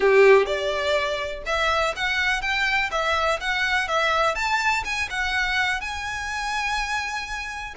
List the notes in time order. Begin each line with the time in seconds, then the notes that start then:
0.00 G4
0.46 D5
1.46 E5
1.96 F#5
2.41 G5
2.91 E5
3.40 F#5
3.88 E5
4.35 A5
4.84 G#5
5.10 F#5
5.81 G#5